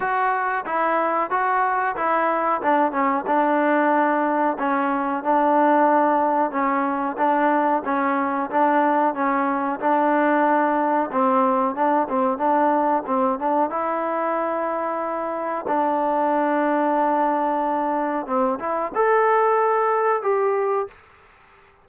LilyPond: \new Staff \with { instrumentName = "trombone" } { \time 4/4 \tempo 4 = 92 fis'4 e'4 fis'4 e'4 | d'8 cis'8 d'2 cis'4 | d'2 cis'4 d'4 | cis'4 d'4 cis'4 d'4~ |
d'4 c'4 d'8 c'8 d'4 | c'8 d'8 e'2. | d'1 | c'8 e'8 a'2 g'4 | }